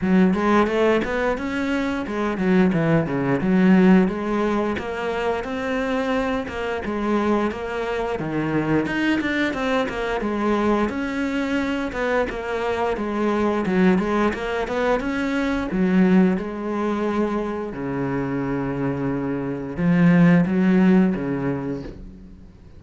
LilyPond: \new Staff \with { instrumentName = "cello" } { \time 4/4 \tempo 4 = 88 fis8 gis8 a8 b8 cis'4 gis8 fis8 | e8 cis8 fis4 gis4 ais4 | c'4. ais8 gis4 ais4 | dis4 dis'8 d'8 c'8 ais8 gis4 |
cis'4. b8 ais4 gis4 | fis8 gis8 ais8 b8 cis'4 fis4 | gis2 cis2~ | cis4 f4 fis4 cis4 | }